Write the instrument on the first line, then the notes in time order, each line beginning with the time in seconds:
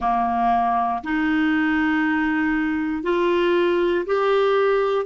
clarinet
0.00 A#3
1.04 D#4
3.03 F4
4.06 G4